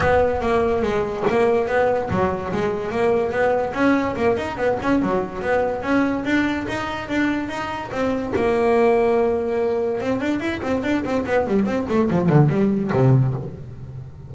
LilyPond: \new Staff \with { instrumentName = "double bass" } { \time 4/4 \tempo 4 = 144 b4 ais4 gis4 ais4 | b4 fis4 gis4 ais4 | b4 cis'4 ais8 dis'8 b8 cis'8 | fis4 b4 cis'4 d'4 |
dis'4 d'4 dis'4 c'4 | ais1 | c'8 d'8 e'8 c'8 d'8 c'8 b8 g8 | c'8 a8 f8 d8 g4 c4 | }